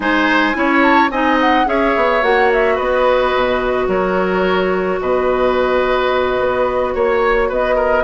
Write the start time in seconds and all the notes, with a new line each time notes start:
0.00 G#3 D#4 C5 G#5
0.53 C#4 E4 C#5
0.82 A5
1.10 C4 D#4 D#5 G#5
1.41 F#5
1.65 C#4 G#4 C#5 E5
1.96 B3
2.22 A#3 F#4 F#5
2.52 E5
2.75 B3 B4 D#5
3.35 B2
3.87 F#3 A#4 C#5
5.00 B2 B4 D#5
6.39 B3
6.94 A#3 C#5
7.48 B3 B4 D#5
7.75 A#4